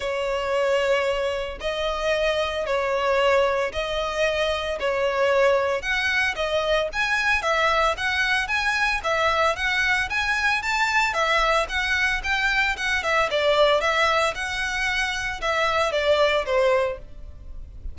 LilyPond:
\new Staff \with { instrumentName = "violin" } { \time 4/4 \tempo 4 = 113 cis''2. dis''4~ | dis''4 cis''2 dis''4~ | dis''4 cis''2 fis''4 | dis''4 gis''4 e''4 fis''4 |
gis''4 e''4 fis''4 gis''4 | a''4 e''4 fis''4 g''4 | fis''8 e''8 d''4 e''4 fis''4~ | fis''4 e''4 d''4 c''4 | }